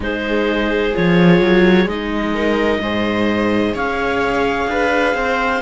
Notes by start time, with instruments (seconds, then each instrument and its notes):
0.00 cello G#3, viola D#4 G#4, clarinet C5
0.94 cello F3, viola F4, clarinet C#5
1.40 cello F#3
1.86 cello G#3, viola D#4, clarinet D#5
2.34 viola A#4
2.80 cello G#2, viola G#4 C5
3.74 cello C#4, viola C#5, clarinet F5
4.67 cello D4, viola B4
5.13 cello C4, viola C5